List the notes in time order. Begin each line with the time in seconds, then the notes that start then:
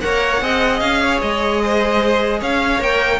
0.00 A#3 A#4 C#5 F#5
0.41 C4 G#4 D#5
0.80 C#4 F5
1.02 C#5
1.21 G#3 D#5
1.63 C5
2.39 C#4 C#5 F5
2.78 A#3 A#4 G5